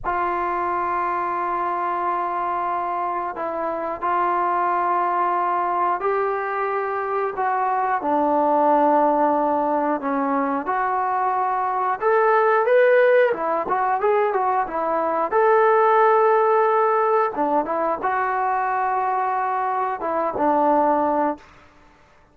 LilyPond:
\new Staff \with { instrumentName = "trombone" } { \time 4/4 \tempo 4 = 90 f'1~ | f'4 e'4 f'2~ | f'4 g'2 fis'4 | d'2. cis'4 |
fis'2 a'4 b'4 | e'8 fis'8 gis'8 fis'8 e'4 a'4~ | a'2 d'8 e'8 fis'4~ | fis'2 e'8 d'4. | }